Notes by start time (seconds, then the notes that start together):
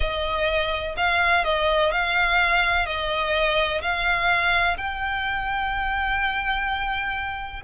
0.00 D#5
0.97 F5
1.44 D#5
1.91 F5
2.85 D#5
3.81 F5
4.77 G5